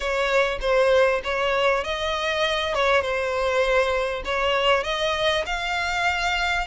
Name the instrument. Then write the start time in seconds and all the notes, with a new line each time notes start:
violin
0.00 C#5
0.60 C5
1.24 C#5
1.83 D#5
2.74 C#5
3.01 C5
4.25 C#5
4.83 D#5
5.45 F5